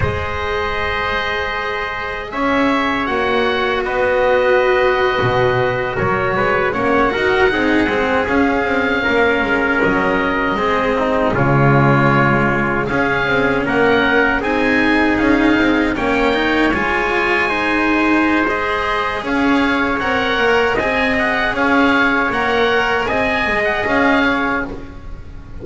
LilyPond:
<<
  \new Staff \with { instrumentName = "oboe" } { \time 4/4 \tempo 4 = 78 dis''2. e''4 | fis''4 dis''2~ dis''8. cis''16~ | cis''8. fis''2 f''4~ f''16~ | f''8. dis''2 cis''4~ cis''16~ |
cis''8. f''4 fis''4 gis''4 f''16~ | f''8. g''4 gis''2~ gis''16 | dis''4 f''4 fis''4 gis''8 fis''8 | f''4 fis''4 gis''8. fis''16 f''4 | }
  \new Staff \with { instrumentName = "trumpet" } { \time 4/4 c''2. cis''4~ | cis''4 b'2~ b'8. ais'16~ | ais'16 b'8 cis''8 ais'8 gis'2 ais'16~ | ais'4.~ ais'16 gis'8 dis'8 f'4~ f'16~ |
f'8. gis'4 ais'4 gis'4~ gis'16~ | gis'8. cis''2 c''4~ c''16~ | c''4 cis''2 dis''4 | cis''2 dis''4. cis''8 | }
  \new Staff \with { instrumentName = "cello" } { \time 4/4 gis'1 | fis'1~ | fis'8. cis'8 fis'8 dis'8 c'8 cis'4~ cis'16~ | cis'4.~ cis'16 c'4 gis4~ gis16~ |
gis8. cis'2 dis'4~ dis'16~ | dis'8. cis'8 dis'8 f'4 dis'4~ dis'16 | gis'2 ais'4 gis'4~ | gis'4 ais'4 gis'2 | }
  \new Staff \with { instrumentName = "double bass" } { \time 4/4 gis2. cis'4 | ais4 b4.~ b16 b,4 fis16~ | fis16 gis8 ais8 dis'8 c'8 gis8 cis'8 c'8 ais16~ | ais16 gis8 fis4 gis4 cis4~ cis16~ |
cis8. cis'8 c'8 ais4 c'4 cis'16~ | cis'16 c'8 ais4 gis2~ gis16~ | gis4 cis'4 c'8 ais8 c'4 | cis'4 ais4 c'8 gis8 cis'4 | }
>>